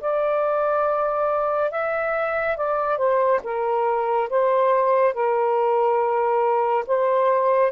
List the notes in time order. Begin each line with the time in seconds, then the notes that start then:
0.00 D5
1.71 E5
2.56 D5
2.97 C5
3.43 A#4
4.29 C5
5.13 A#4
6.86 C5